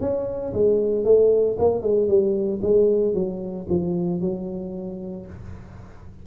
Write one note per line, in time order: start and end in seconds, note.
0.00 0.53 C#4
0.53 1.04 G#3
1.04 1.57 A3
1.59 1.82 A#3
1.82 2.08 G#3
2.08 2.60 G3
2.62 3.14 G#3
3.14 3.67 F#3
3.69 4.21 F3
4.21 5.26 F#3